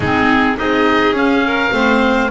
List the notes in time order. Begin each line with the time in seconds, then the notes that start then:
0.00 G#3 C4 D#4 G#4
0.57 C4 D#4 G#4 D#5
1.11 C#4 F5
1.46 A#4
1.71 A3 C4 C5